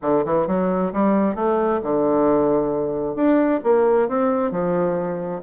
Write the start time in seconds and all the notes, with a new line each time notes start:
0.02 D3
0.25 E3
0.47 F#3
0.92 G3
1.35 A3
1.82 D3
3.15 D4
3.63 A#3
4.08 C4
4.51 F3